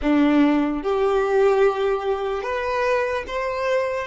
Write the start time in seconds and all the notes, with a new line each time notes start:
0.01 D4
0.83 G4
2.43 B4
3.27 C5